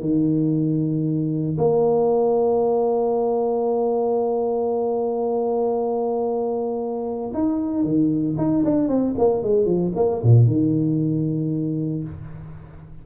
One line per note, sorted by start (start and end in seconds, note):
0.00 1.57 D#3
1.58 7.32 A#3
7.33 7.83 D#4
7.83 8.35 D#3
8.37 8.63 D#4
8.64 8.88 D4
8.88 9.14 C4
9.18 9.43 A#3
9.43 9.65 G#3
9.65 9.91 F3
9.95 10.21 A#3
10.23 10.47 A#2
10.47 12.03 D#3